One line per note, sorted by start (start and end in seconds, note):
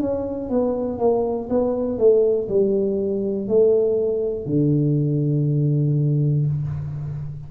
0.00 0.50 C#4
0.50 0.99 B3
0.99 1.49 A#3
1.50 1.98 B3
1.98 2.48 A3
2.49 3.48 G3
3.48 4.46 A3
4.46 6.46 D3